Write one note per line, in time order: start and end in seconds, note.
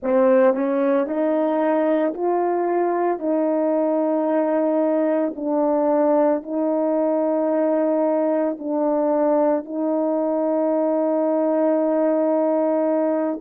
0.02 0.54 C4
0.54 1.06 C#4
1.06 2.13 D#4
2.14 3.19 F4
3.19 5.33 D#4
5.35 6.42 D4
6.42 8.57 D#4
8.58 9.64 D4
9.64 13.39 D#4